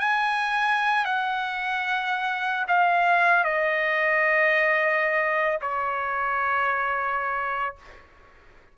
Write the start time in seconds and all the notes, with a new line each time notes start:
0.00 G#5
1.05 F#5
2.68 F5
3.45 D#5
5.62 C#5